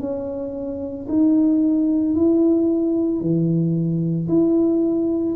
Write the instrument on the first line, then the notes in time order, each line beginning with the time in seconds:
tuba
0.00 C#4
1.09 D#4
2.16 E4
3.21 E3
4.29 E4